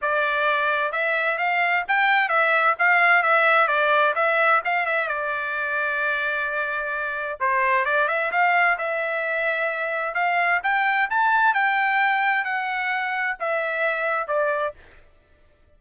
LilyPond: \new Staff \with { instrumentName = "trumpet" } { \time 4/4 \tempo 4 = 130 d''2 e''4 f''4 | g''4 e''4 f''4 e''4 | d''4 e''4 f''8 e''8 d''4~ | d''1 |
c''4 d''8 e''8 f''4 e''4~ | e''2 f''4 g''4 | a''4 g''2 fis''4~ | fis''4 e''2 d''4 | }